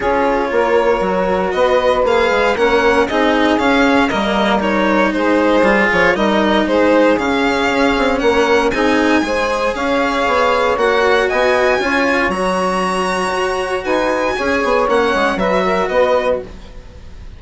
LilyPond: <<
  \new Staff \with { instrumentName = "violin" } { \time 4/4 \tempo 4 = 117 cis''2. dis''4 | f''4 fis''4 dis''4 f''4 | dis''4 cis''4 c''4. cis''8 | dis''4 c''4 f''2 |
fis''4 gis''2 f''4~ | f''4 fis''4 gis''2 | ais''2. gis''4~ | gis''4 fis''4 e''4 dis''4 | }
  \new Staff \with { instrumentName = "saxophone" } { \time 4/4 gis'4 ais'2 b'4~ | b'4 ais'4 gis'2 | ais'2 gis'2 | ais'4 gis'2. |
ais'4 gis'4 c''4 cis''4~ | cis''2 dis''4 cis''4~ | cis''2. b'4 | cis''2 b'8 ais'8 b'4 | }
  \new Staff \with { instrumentName = "cello" } { \time 4/4 f'2 fis'2 | gis'4 cis'4 dis'4 cis'4 | ais4 dis'2 f'4 | dis'2 cis'2~ |
cis'4 dis'4 gis'2~ | gis'4 fis'2 f'4 | fis'1 | gis'4 cis'4 fis'2 | }
  \new Staff \with { instrumentName = "bassoon" } { \time 4/4 cis'4 ais4 fis4 b4 | ais8 gis8 ais4 c'4 cis'4 | g2 gis4 g8 f8 | g4 gis4 cis4 cis'8 c'8 |
ais4 c'4 gis4 cis'4 | b4 ais4 b4 cis'4 | fis2 fis'4 dis'4 | cis'8 b8 ais8 gis8 fis4 b4 | }
>>